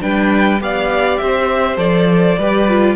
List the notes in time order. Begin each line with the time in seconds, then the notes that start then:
0.00 G3 D4 B4 G5
0.61 B3 G4 D5 F5
1.17 C4 C5 E5
1.77 F3 A4 D5
2.39 G3 G4 B4
2.69 F4